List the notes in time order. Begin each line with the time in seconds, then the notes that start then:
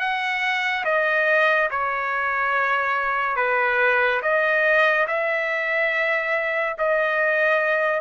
0.00 F#5
0.85 D#5
1.71 C#5
3.36 B4
4.22 D#5
5.08 E5
6.78 D#5